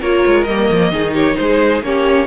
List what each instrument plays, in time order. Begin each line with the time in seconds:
0.00 cello A#3, viola F4, violin A#4 C#5
0.26 cello G#3
0.44 cello G3, viola A#3, violin D#5
0.71 cello F3
0.91 cello D#3, viola D#4, violin G#4
1.13 violin G4 C#5
1.36 cello G#3, violin G#4 C5
1.81 cello A#3, viola C#4, violin G4 C#5